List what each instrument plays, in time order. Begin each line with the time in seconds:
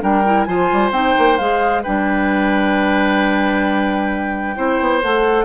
0.00 bassoon G3, clarinet D4, oboe A#4, flute G5
0.25 clarinet E4
0.44 bassoon F3, clarinet F4, oboe C5, flute G#5
0.72 bassoon G3
0.91 bassoon C4, clarinet D#4, flute G5
1.18 bassoon A#3
1.37 bassoon G#3, clarinet G#4, flute F5
1.83 bassoon G3, clarinet D4, oboe B4, flute G5
4.55 bassoon C4, clarinet E4, oboe C5
4.80 bassoon B3
5.02 bassoon A3, clarinet A4, flute F#5